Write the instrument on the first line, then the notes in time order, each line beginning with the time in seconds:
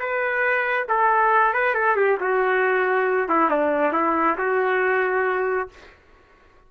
trumpet
0.00 B4
0.89 A4
1.54 B4
1.75 A4
1.96 G4
2.21 F#4
3.29 E4
3.50 D4
3.93 E4
4.39 F#4